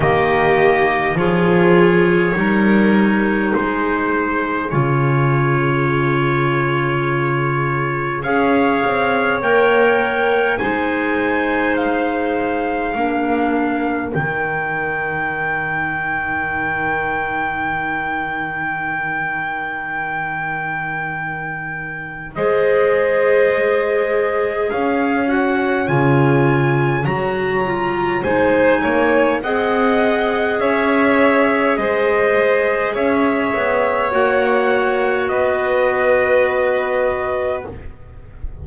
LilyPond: <<
  \new Staff \with { instrumentName = "trumpet" } { \time 4/4 \tempo 4 = 51 dis''4 cis''2 c''4 | cis''2. f''4 | g''4 gis''4 f''2 | g''1~ |
g''2. dis''4~ | dis''4 f''8 fis''8 gis''4 ais''4 | gis''4 fis''4 e''4 dis''4 | e''4 fis''4 dis''2 | }
  \new Staff \with { instrumentName = "violin" } { \time 4/4 g'4 gis'4 ais'4 gis'4~ | gis'2. cis''4~ | cis''4 c''2 ais'4~ | ais'1~ |
ais'2. c''4~ | c''4 cis''2. | c''8 cis''8 dis''4 cis''4 c''4 | cis''2 b'2 | }
  \new Staff \with { instrumentName = "clarinet" } { \time 4/4 ais4 f'4 dis'2 | f'2. gis'4 | ais'4 dis'2 d'4 | dis'1~ |
dis'2. gis'4~ | gis'4. fis'8 f'4 fis'8 f'8 | dis'4 gis'2.~ | gis'4 fis'2. | }
  \new Staff \with { instrumentName = "double bass" } { \time 4/4 dis4 f4 g4 gis4 | cis2. cis'8 c'8 | ais4 gis2 ais4 | dis1~ |
dis2. gis4~ | gis4 cis'4 cis4 fis4 | gis8 ais8 c'4 cis'4 gis4 | cis'8 b8 ais4 b2 | }
>>